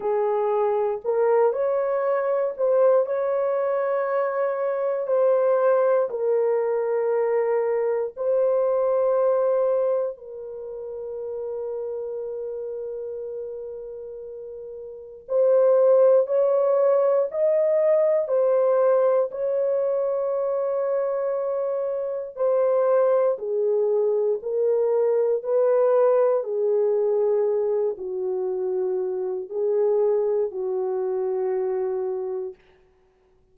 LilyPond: \new Staff \with { instrumentName = "horn" } { \time 4/4 \tempo 4 = 59 gis'4 ais'8 cis''4 c''8 cis''4~ | cis''4 c''4 ais'2 | c''2 ais'2~ | ais'2. c''4 |
cis''4 dis''4 c''4 cis''4~ | cis''2 c''4 gis'4 | ais'4 b'4 gis'4. fis'8~ | fis'4 gis'4 fis'2 | }